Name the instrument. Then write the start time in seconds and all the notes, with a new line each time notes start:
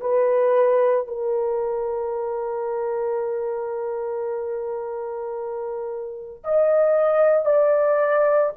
horn
0.00 B4
1.07 A#4
6.44 D#5
7.45 D5